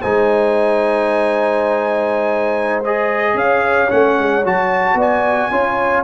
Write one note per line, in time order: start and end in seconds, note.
0.00 3.34 G#3
0.00 2.84 D#4
0.00 3.35 C5
0.00 2.82 G#5
2.84 3.89 G#4
2.84 3.37 D#5
3.34 3.88 C#4
3.34 4.97 C#5
3.34 3.91 F5
3.89 4.18 A3
3.89 4.42 C#4
3.89 4.44 F#5
4.18 4.45 G#3
4.44 4.94 F#3
4.44 5.51 F#4
4.44 5.00 A5
4.94 5.48 B3
4.94 5.51 D5
5.01 6.03 G#5
5.50 6.03 C#4
5.50 6.03 F4
5.50 6.03 C#5